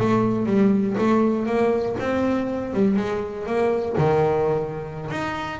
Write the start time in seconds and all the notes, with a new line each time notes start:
0.00 A3
0.47 G3
0.98 A3
1.46 A#3
2.00 C4
2.74 G3
2.97 G#3
3.47 A#3
3.98 D#3
5.11 D#4